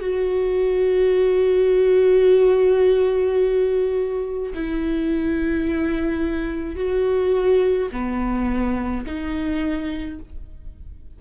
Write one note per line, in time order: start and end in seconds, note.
0.00 4.53 F#4
4.54 6.75 E4
6.75 7.88 F#4
7.92 9.05 B3
9.06 10.19 D#4